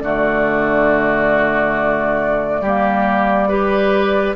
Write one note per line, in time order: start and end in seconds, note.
0.00 2.61 D3
0.00 2.65 A3
0.00 2.62 F#4
0.00 4.35 D5
2.61 4.35 G3
2.61 3.49 A#3
2.61 3.49 G4
3.49 4.36 G4
3.49 4.36 B4